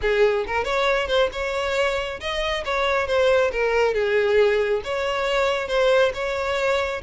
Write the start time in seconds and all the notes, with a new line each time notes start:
0.01 G#4
0.46 A#4
0.64 C#5
1.07 C5
1.32 C#5
2.20 D#5
2.64 C#5
3.07 C5
3.52 A#4
3.94 G#4
4.84 C#5
5.68 C5
6.13 C#5